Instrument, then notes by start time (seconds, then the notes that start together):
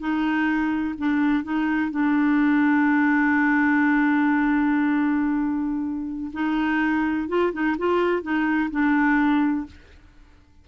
clarinet
0.00 D#4
0.98 D4
1.44 D#4
1.91 D4
6.33 D#4
7.29 F4
7.53 D#4
7.78 F4
8.23 D#4
8.71 D4